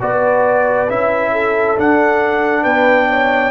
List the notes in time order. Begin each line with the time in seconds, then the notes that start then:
0.00 B3 F#4 B4 D5
0.89 C#4 E4 E5
1.32 A4
1.77 D4 F#5
2.62 B3 B4 G5
3.09 C#5